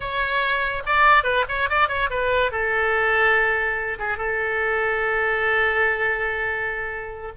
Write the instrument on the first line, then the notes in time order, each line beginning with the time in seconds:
oboe
0.00 C#5
0.86 D5
1.23 B4
1.48 C#5
1.69 D5
1.88 C#5
2.09 B4
2.51 A4
3.98 G#4
4.17 A4